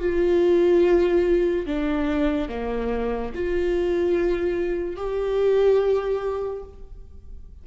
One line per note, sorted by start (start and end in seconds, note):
0.00 1.66 F4
1.66 2.49 D4
2.49 3.32 A#3
3.35 4.97 F4
4.97 6.63 G4